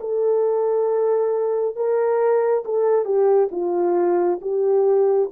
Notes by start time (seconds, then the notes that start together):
0.00 A4
1.76 A#4
2.65 A4
3.05 G4
3.52 F4
4.42 G4